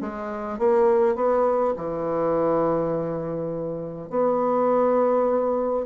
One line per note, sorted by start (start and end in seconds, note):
0.00 0.58 G#3
0.58 1.15 A#3
1.15 1.74 B3
1.76 4.09 E3
4.09 5.85 B3